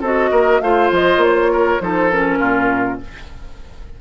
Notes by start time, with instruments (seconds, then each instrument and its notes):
0.00 bassoon C4, clarinet F#4, oboe A4, flute D#5
0.31 bassoon A#3, oboe A#4
0.60 bassoon A3, clarinet F4, oboe C5, flute F5
0.91 bassoon F3, flute D#5
1.17 bassoon A#3
1.23 flute C#5
1.52 oboe A#4
1.80 bassoon F3, clarinet D#4, oboe A4, flute C5
2.11 clarinet C#4, flute A#4
2.38 bassoon A#2, oboe F4